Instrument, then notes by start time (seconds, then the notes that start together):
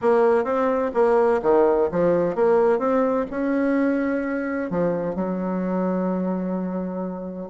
bassoon
0.01 A#3
0.44 C4
0.94 A#3
1.42 D#3
1.91 F3
2.35 A#3
2.78 C4
3.30 C#4
4.70 F3
5.15 F#3